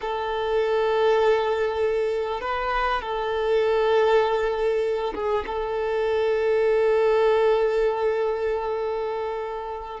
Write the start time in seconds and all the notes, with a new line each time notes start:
0.01 A4
2.40 B4
3.01 A4
5.14 G#4
5.46 A4